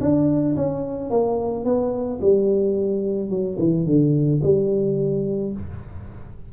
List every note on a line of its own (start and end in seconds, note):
0.00 0.55 D4
0.56 1.10 C#4
1.10 1.64 A#3
1.64 2.19 B3
2.21 3.30 G3
3.30 3.57 F#3
3.59 3.86 E3
3.86 4.41 D3
4.42 5.52 G3